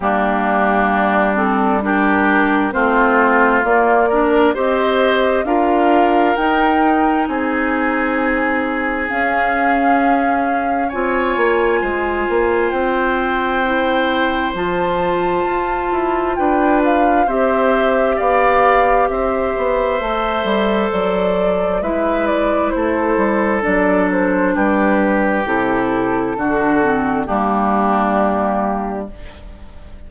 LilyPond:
<<
  \new Staff \with { instrumentName = "flute" } { \time 4/4 \tempo 4 = 66 g'4. a'8 ais'4 c''4 | d''4 dis''4 f''4 g''4 | gis''2 f''2 | gis''2 g''2 |
a''2 g''8 f''8 e''4 | f''4 e''2 d''4 | e''8 d''8 c''4 d''8 c''8 b'4 | a'2 g'2 | }
  \new Staff \with { instrumentName = "oboe" } { \time 4/4 d'2 g'4 f'4~ | f'8 ais'8 c''4 ais'2 | gis'1 | cis''4 c''2.~ |
c''2 b'4 c''4 | d''4 c''2. | b'4 a'2 g'4~ | g'4 fis'4 d'2 | }
  \new Staff \with { instrumentName = "clarinet" } { \time 4/4 ais4. c'8 d'4 c'4 | ais8 d'8 g'4 f'4 dis'4~ | dis'2 cis'2 | f'2. e'4 |
f'2. g'4~ | g'2 a'2 | e'2 d'2 | e'4 d'8 c'8 ais2 | }
  \new Staff \with { instrumentName = "bassoon" } { \time 4/4 g2. a4 | ais4 c'4 d'4 dis'4 | c'2 cis'2 | c'8 ais8 gis8 ais8 c'2 |
f4 f'8 e'8 d'4 c'4 | b4 c'8 b8 a8 g8 fis4 | gis4 a8 g8 fis4 g4 | c4 d4 g2 | }
>>